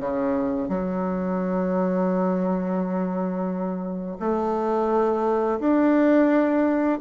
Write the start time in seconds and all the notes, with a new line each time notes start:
0.00 C#3
0.69 F#3
4.20 A3
5.60 D4